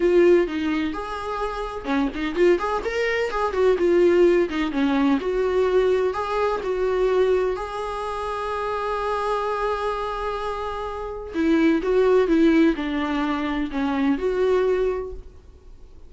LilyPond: \new Staff \with { instrumentName = "viola" } { \time 4/4 \tempo 4 = 127 f'4 dis'4 gis'2 | cis'8 dis'8 f'8 gis'8 ais'4 gis'8 fis'8 | f'4. dis'8 cis'4 fis'4~ | fis'4 gis'4 fis'2 |
gis'1~ | gis'1 | e'4 fis'4 e'4 d'4~ | d'4 cis'4 fis'2 | }